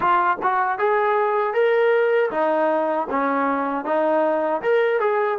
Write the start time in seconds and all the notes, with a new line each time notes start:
0.00 F4
0.42 F#4
0.78 G#4
1.53 A#4
2.30 D#4
3.09 C#4
3.85 D#4
4.62 A#4
5.00 G#4